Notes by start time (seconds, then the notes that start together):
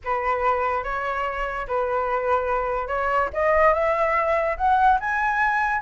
0.04 B4
0.83 C#5
1.67 B4
2.87 C#5
3.33 D#5
3.73 E5
4.57 F#5
5.00 G#5